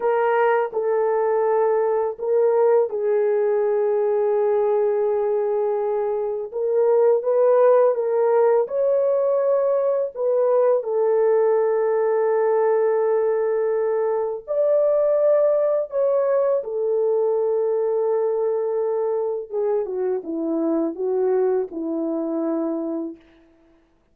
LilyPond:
\new Staff \with { instrumentName = "horn" } { \time 4/4 \tempo 4 = 83 ais'4 a'2 ais'4 | gis'1~ | gis'4 ais'4 b'4 ais'4 | cis''2 b'4 a'4~ |
a'1 | d''2 cis''4 a'4~ | a'2. gis'8 fis'8 | e'4 fis'4 e'2 | }